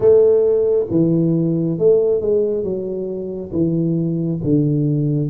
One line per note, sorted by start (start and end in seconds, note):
0.00 0.86 A3
0.90 1.78 E3
1.78 2.21 A3
2.21 2.63 G#3
2.63 3.51 F#3
3.52 4.40 E3
4.43 5.30 D3